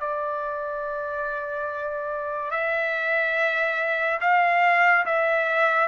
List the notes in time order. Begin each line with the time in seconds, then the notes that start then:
0.00 D5
2.51 E5
4.21 F5
5.06 E5